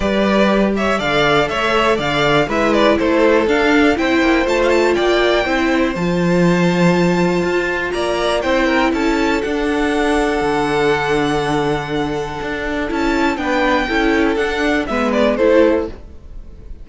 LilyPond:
<<
  \new Staff \with { instrumentName = "violin" } { \time 4/4 \tempo 4 = 121 d''4. e''8 f''4 e''4 | f''4 e''8 d''8 c''4 f''4 | g''4 a''16 f''16 a''8 g''2 | a''1 |
ais''4 g''4 a''4 fis''4~ | fis''1~ | fis''2 a''4 g''4~ | g''4 fis''4 e''8 d''8 c''4 | }
  \new Staff \with { instrumentName = "violin" } { \time 4/4 b'4. cis''8 d''4 cis''4 | d''4 b'4 a'2 | c''2 d''4 c''4~ | c''1 |
d''4 c''8 ais'8 a'2~ | a'1~ | a'2. b'4 | a'2 b'4 a'4 | }
  \new Staff \with { instrumentName = "viola" } { \time 4/4 g'2 a'2~ | a'4 e'2 d'4 | e'4 f'2 e'4 | f'1~ |
f'4 e'2 d'4~ | d'1~ | d'2 e'4 d'4 | e'4 d'4 b4 e'4 | }
  \new Staff \with { instrumentName = "cello" } { \time 4/4 g2 d4 a4 | d4 gis4 a4 d'4 | c'8 ais8 a4 ais4 c'4 | f2. f'4 |
ais4 c'4 cis'4 d'4~ | d'4 d2.~ | d4 d'4 cis'4 b4 | cis'4 d'4 gis4 a4 | }
>>